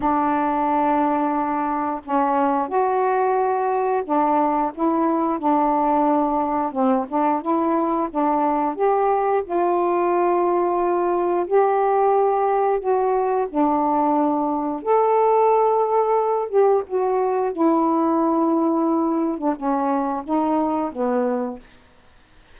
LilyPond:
\new Staff \with { instrumentName = "saxophone" } { \time 4/4 \tempo 4 = 89 d'2. cis'4 | fis'2 d'4 e'4 | d'2 c'8 d'8 e'4 | d'4 g'4 f'2~ |
f'4 g'2 fis'4 | d'2 a'2~ | a'8 g'8 fis'4 e'2~ | e'8. d'16 cis'4 dis'4 b4 | }